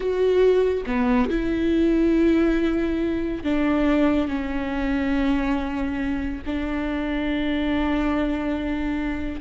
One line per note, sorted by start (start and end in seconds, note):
0.00 0.83 F#4
0.86 1.29 B3
1.29 3.43 E4
3.43 4.27 D4
4.27 6.42 C#4
6.46 9.40 D4